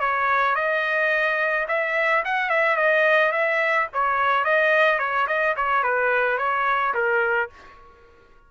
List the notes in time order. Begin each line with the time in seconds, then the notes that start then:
0.00 C#5
0.55 D#5
1.68 E5
2.25 F#5
2.50 E5
2.77 D#5
3.32 E5
3.93 C#5
4.45 D#5
4.99 C#5
5.28 D#5
5.57 C#5
5.83 B4
6.38 C#5
6.94 A#4